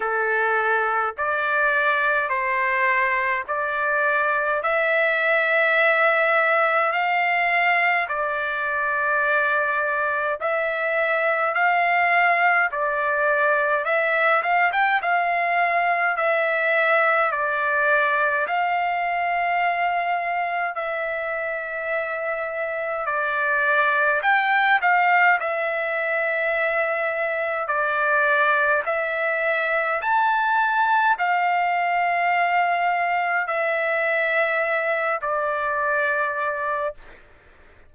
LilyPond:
\new Staff \with { instrumentName = "trumpet" } { \time 4/4 \tempo 4 = 52 a'4 d''4 c''4 d''4 | e''2 f''4 d''4~ | d''4 e''4 f''4 d''4 | e''8 f''16 g''16 f''4 e''4 d''4 |
f''2 e''2 | d''4 g''8 f''8 e''2 | d''4 e''4 a''4 f''4~ | f''4 e''4. d''4. | }